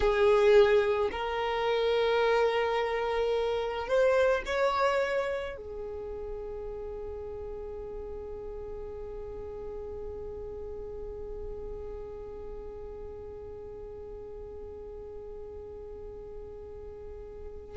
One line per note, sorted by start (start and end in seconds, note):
0.00 1.09 G#4
1.11 3.87 A#4
3.87 4.42 C5
4.45 5.56 C#5
5.56 17.76 G#4